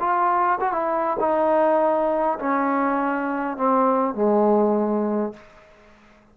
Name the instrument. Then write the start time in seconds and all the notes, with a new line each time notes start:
trombone
0.00 F4
0.60 F#4
0.73 E4
1.20 D#4
2.39 C#4
3.58 C4
4.15 G#3